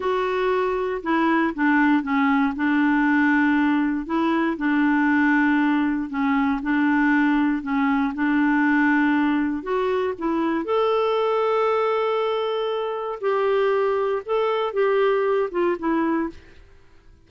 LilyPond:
\new Staff \with { instrumentName = "clarinet" } { \time 4/4 \tempo 4 = 118 fis'2 e'4 d'4 | cis'4 d'2. | e'4 d'2. | cis'4 d'2 cis'4 |
d'2. fis'4 | e'4 a'2.~ | a'2 g'2 | a'4 g'4. f'8 e'4 | }